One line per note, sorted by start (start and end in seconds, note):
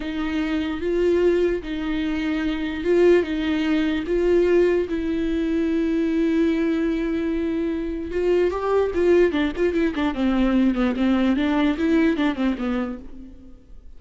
0.00 0.80 D#4
0.81 1.62 F4
1.62 2.84 D#4
2.84 3.23 F4
3.23 4.04 D#4
4.07 4.88 F4
4.89 8.11 E4
8.11 8.50 F4
8.50 8.91 G4
8.94 9.32 F4
9.32 9.52 D4
9.56 9.73 F4
9.73 9.93 E4
9.95 10.14 D4
10.14 10.75 C4
10.75 10.95 B3
10.96 11.36 C4
11.36 11.77 D4
11.78 12.16 E4
12.16 12.35 D4
12.35 12.55 C4
12.58 12.98 B3